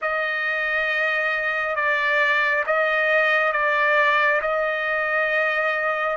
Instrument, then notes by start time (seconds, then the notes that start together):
trumpet
0.01 D#5
1.75 D5
2.66 D#5
3.52 D5
4.41 D#5